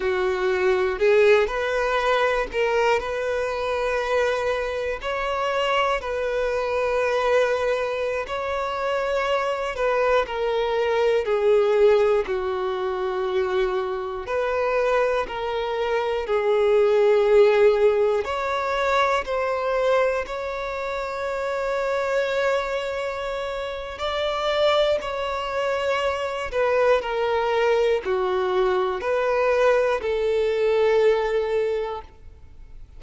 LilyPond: \new Staff \with { instrumentName = "violin" } { \time 4/4 \tempo 4 = 60 fis'4 gis'8 b'4 ais'8 b'4~ | b'4 cis''4 b'2~ | b'16 cis''4. b'8 ais'4 gis'8.~ | gis'16 fis'2 b'4 ais'8.~ |
ais'16 gis'2 cis''4 c''8.~ | c''16 cis''2.~ cis''8. | d''4 cis''4. b'8 ais'4 | fis'4 b'4 a'2 | }